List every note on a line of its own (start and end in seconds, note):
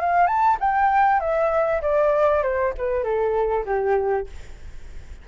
0.00 0.26 F5
0.26 0.57 A5
0.60 1.20 G5
1.20 1.81 E5
1.82 2.43 D5
2.43 2.73 C5
2.77 3.03 B4
3.03 3.65 A4
3.65 4.27 G4